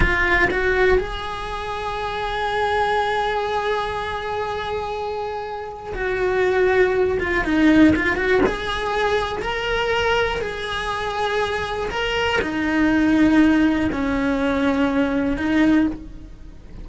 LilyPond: \new Staff \with { instrumentName = "cello" } { \time 4/4 \tempo 4 = 121 f'4 fis'4 gis'2~ | gis'1~ | gis'1 | fis'2~ fis'8 f'8 dis'4 |
f'8 fis'8 gis'2 ais'4~ | ais'4 gis'2. | ais'4 dis'2. | cis'2. dis'4 | }